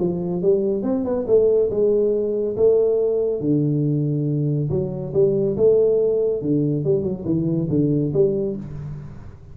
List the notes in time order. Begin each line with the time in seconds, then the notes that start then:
0.00 F3
0.42 G3
0.83 C4
1.04 B3
1.27 A3
1.71 G#3
2.57 A3
3.41 D3
4.70 F#3
5.14 G3
5.57 A3
6.42 D3
6.85 G3
7.03 F#3
7.25 E3
7.70 D3
8.14 G3